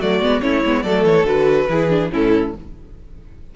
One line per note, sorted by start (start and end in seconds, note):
0.00 0.21 F#3
0.00 0.23 A3
0.00 0.42 F#4
0.00 0.42 D5
0.21 0.42 G#3
0.21 0.42 B3
0.42 0.64 A3
0.42 0.63 C#4
0.42 0.84 E4
0.42 0.83 C#5
0.65 0.84 G#3
0.65 0.86 B3
0.83 1.04 F#3
0.83 1.26 A3
0.83 1.68 A4
0.83 1.05 D5
1.04 1.25 E3
1.04 1.27 C#5
1.25 1.67 D3
1.25 1.68 F#4
1.25 2.11 B4
1.69 2.11 E3
1.69 1.89 E4
1.69 2.12 G#4
1.89 2.10 D4
2.12 2.56 A2
2.12 2.55 C#4
2.12 2.55 E4
2.12 2.56 A4